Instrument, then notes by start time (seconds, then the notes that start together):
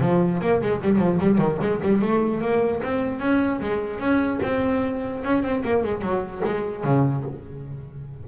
double bass
0.00 F3
0.41 A#3
0.61 G#3
0.82 G3
0.98 F3
1.20 G3
1.38 D#3
1.61 G#3
1.82 G3
2.01 A3
2.41 A#3
2.83 C4
3.19 C#4
3.60 G#3
3.99 C#4
4.43 C4
5.23 C#4
5.43 C4
5.64 A#3
5.83 G#3
6.01 F#3
6.44 G#3
6.83 C#3